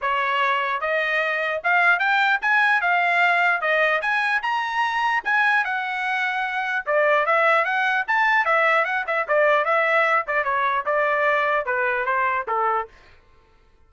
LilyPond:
\new Staff \with { instrumentName = "trumpet" } { \time 4/4 \tempo 4 = 149 cis''2 dis''2 | f''4 g''4 gis''4 f''4~ | f''4 dis''4 gis''4 ais''4~ | ais''4 gis''4 fis''2~ |
fis''4 d''4 e''4 fis''4 | a''4 e''4 fis''8 e''8 d''4 | e''4. d''8 cis''4 d''4~ | d''4 b'4 c''4 a'4 | }